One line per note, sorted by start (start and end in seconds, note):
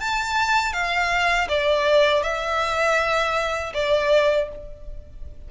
0.00 0.73 A5
0.73 1.48 F5
1.49 2.23 D5
2.23 3.73 E5
3.74 4.49 D5